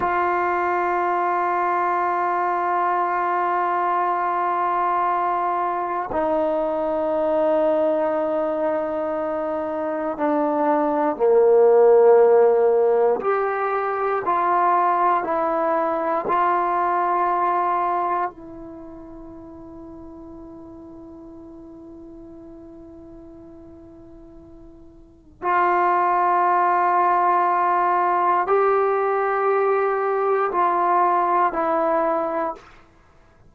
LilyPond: \new Staff \with { instrumentName = "trombone" } { \time 4/4 \tempo 4 = 59 f'1~ | f'2 dis'2~ | dis'2 d'4 ais4~ | ais4 g'4 f'4 e'4 |
f'2 e'2~ | e'1~ | e'4 f'2. | g'2 f'4 e'4 | }